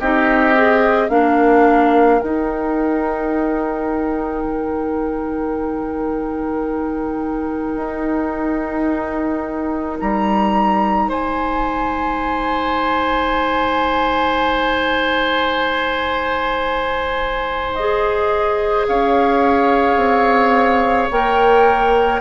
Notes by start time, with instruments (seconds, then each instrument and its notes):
0.00 bassoon C4, clarinet D#4, oboe G4, flute D#5
0.56 clarinet G#4
1.09 bassoon A#3, clarinet D4, oboe A#4, flute F5
2.20 clarinet D#4, bassoon D#4, flute G5
4.44 bassoon D#3
7.77 bassoon D#4
10.00 bassoon G3, flute A#5
11.09 bassoon G#3, oboe C5, flute G#5
17.75 clarinet G#4, flute D#5
18.88 bassoon C#4, oboe C#5, flute F5
19.97 bassoon C4
21.11 bassoon A#3, clarinet A#4, flute G5